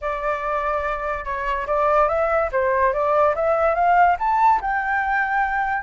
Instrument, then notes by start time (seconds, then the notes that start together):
flute
0.01 D5
1.24 C#5
1.66 D5
2.08 E5
2.52 C5
2.93 D5
3.35 E5
3.74 F5
4.19 A5
4.61 G5